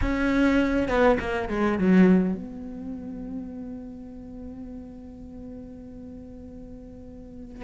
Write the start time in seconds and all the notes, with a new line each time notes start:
0.01 C#4
0.88 B3
1.19 A#3
1.48 G#3
1.78 F#3
2.34 B3